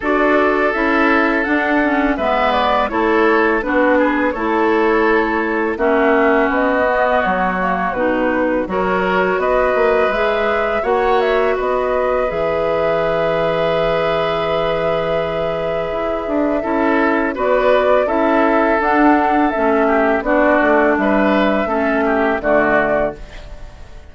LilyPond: <<
  \new Staff \with { instrumentName = "flute" } { \time 4/4 \tempo 4 = 83 d''4 e''4 fis''4 e''8 d''8 | cis''4 b'4 cis''2 | e''4 dis''4 cis''4 b'4 | cis''4 dis''4 e''4 fis''8 e''8 |
dis''4 e''2.~ | e''1 | d''4 e''4 fis''4 e''4 | d''4 e''2 d''4 | }
  \new Staff \with { instrumentName = "oboe" } { \time 4/4 a'2. b'4 | a'4 fis'8 gis'8 a'2 | fis'1 | ais'4 b'2 cis''4 |
b'1~ | b'2. a'4 | b'4 a'2~ a'8 g'8 | fis'4 b'4 a'8 g'8 fis'4 | }
  \new Staff \with { instrumentName = "clarinet" } { \time 4/4 fis'4 e'4 d'8 cis'8 b4 | e'4 d'4 e'2 | cis'4. b4 ais8 dis'4 | fis'2 gis'4 fis'4~ |
fis'4 gis'2.~ | gis'2. e'4 | fis'4 e'4 d'4 cis'4 | d'2 cis'4 a4 | }
  \new Staff \with { instrumentName = "bassoon" } { \time 4/4 d'4 cis'4 d'4 gis4 | a4 b4 a2 | ais4 b4 fis4 b,4 | fis4 b8 ais8 gis4 ais4 |
b4 e2.~ | e2 e'8 d'8 cis'4 | b4 cis'4 d'4 a4 | b8 a8 g4 a4 d4 | }
>>